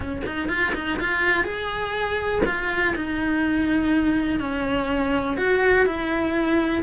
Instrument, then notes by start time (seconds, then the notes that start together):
cello
0.00 C#4
0.25 D#4
0.48 F4
0.75 D#4
0.99 F4
1.44 G#4
2.45 F4
2.95 D#4
4.39 C#4
5.37 F#4
5.85 E4